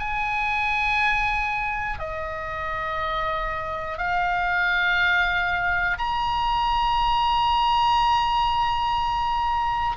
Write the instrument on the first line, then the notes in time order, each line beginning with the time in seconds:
oboe
0.00 G#5
2.00 D#5
3.98 F5
5.99 A#5